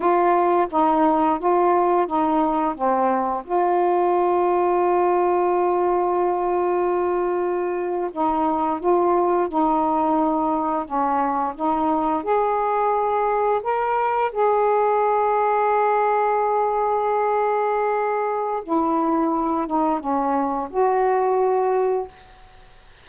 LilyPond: \new Staff \with { instrumentName = "saxophone" } { \time 4/4 \tempo 4 = 87 f'4 dis'4 f'4 dis'4 | c'4 f'2.~ | f'2.~ f'8. dis'16~ | dis'8. f'4 dis'2 cis'16~ |
cis'8. dis'4 gis'2 ais'16~ | ais'8. gis'2.~ gis'16~ | gis'2. e'4~ | e'8 dis'8 cis'4 fis'2 | }